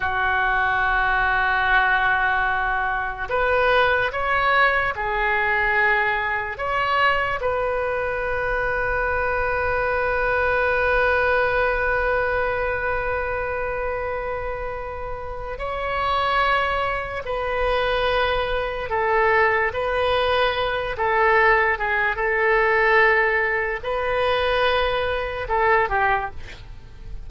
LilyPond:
\new Staff \with { instrumentName = "oboe" } { \time 4/4 \tempo 4 = 73 fis'1 | b'4 cis''4 gis'2 | cis''4 b'2.~ | b'1~ |
b'2. cis''4~ | cis''4 b'2 a'4 | b'4. a'4 gis'8 a'4~ | a'4 b'2 a'8 g'8 | }